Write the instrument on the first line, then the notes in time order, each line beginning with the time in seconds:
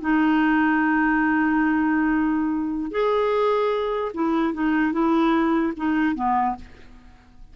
clarinet
0.00 D#4
2.91 G#4
4.14 E4
4.53 D#4
4.92 E4
5.76 D#4
6.15 B3